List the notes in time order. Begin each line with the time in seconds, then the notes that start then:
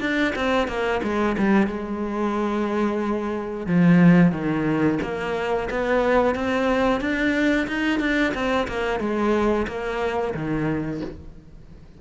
0.00 D4
0.35 C4
0.67 A#3
1.02 G#3
1.37 G3
1.67 G#3
3.66 F3
4.32 D#3
5.02 A#3
5.70 B3
6.35 C4
7.00 D4
7.67 D#4
7.99 D4
8.34 C4
8.68 A#3
8.99 G#3
9.67 A#3
10.34 D#3